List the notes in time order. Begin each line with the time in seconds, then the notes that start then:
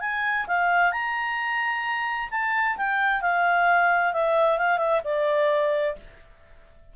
0.00 G#5
0.47 F5
0.92 A#5
2.30 A5
2.77 G5
3.21 F5
4.13 E5
4.58 F5
4.78 E5
5.04 D5